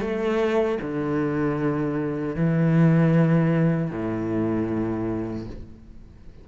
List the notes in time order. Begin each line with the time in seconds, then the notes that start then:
0.00 A3
0.81 D3
2.35 E3
3.91 A2